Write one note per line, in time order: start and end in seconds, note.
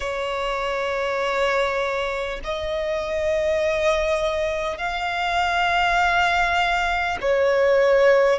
0.00 2.39 C#5
2.44 4.77 D#5
4.77 7.17 F5
7.21 8.39 C#5